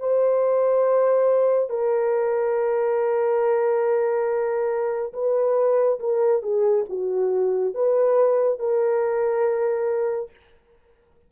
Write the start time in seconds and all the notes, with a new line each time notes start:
0.00 C5
1.70 A#4
5.14 B4
6.00 A#4
6.43 G#4
6.90 F#4
7.75 B4
8.59 A#4